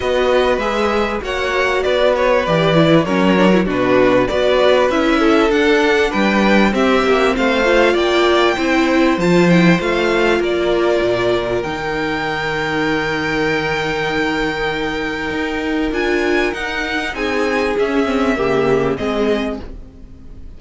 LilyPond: <<
  \new Staff \with { instrumentName = "violin" } { \time 4/4 \tempo 4 = 98 dis''4 e''4 fis''4 d''8 cis''8 | d''4 cis''4 b'4 d''4 | e''4 fis''4 g''4 e''4 | f''4 g''2 a''8 g''8 |
f''4 d''2 g''4~ | g''1~ | g''2 gis''4 fis''4 | gis''4 e''2 dis''4 | }
  \new Staff \with { instrumentName = "violin" } { \time 4/4 b'2 cis''4 b'4~ | b'4 ais'4 fis'4 b'4~ | b'8 a'4. b'4 g'4 | c''4 d''4 c''2~ |
c''4 ais'2.~ | ais'1~ | ais'1 | gis'2 g'4 gis'4 | }
  \new Staff \with { instrumentName = "viola" } { \time 4/4 fis'4 gis'4 fis'2 | g'8 e'8 cis'8 d'16 e'16 d'4 fis'4 | e'4 d'2 c'4~ | c'8 f'4. e'4 f'8 e'8 |
f'2. dis'4~ | dis'1~ | dis'2 f'4 dis'4~ | dis'4 cis'8 c'8 ais4 c'4 | }
  \new Staff \with { instrumentName = "cello" } { \time 4/4 b4 gis4 ais4 b4 | e4 fis4 b,4 b4 | cis'4 d'4 g4 c'8 ais8 | a4 ais4 c'4 f4 |
a4 ais4 ais,4 dis4~ | dis1~ | dis4 dis'4 d'4 dis'4 | c'4 cis'4 cis4 gis4 | }
>>